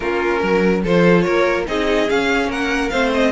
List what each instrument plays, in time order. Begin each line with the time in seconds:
0.00 cello A#3, viola C#4, violin F4 A#4
0.40 cello F#3, violin A#4
0.83 cello F3, viola F4, violin A4 C5
1.21 cello A#3, violin A#4 C#5
1.66 cello C4, viola D#4, violin G#4 D#5
2.08 viola C#4, cello C#4, violin F5
2.47 cello A#3, violin A#4 F#5
2.89 cello A3, viola C4, violin C5 F5
3.14 violin D#5